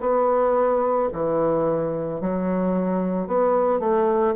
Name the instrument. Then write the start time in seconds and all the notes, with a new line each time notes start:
bassoon
0.00 B3
1.13 E3
2.21 F#3
3.27 B3
3.79 A3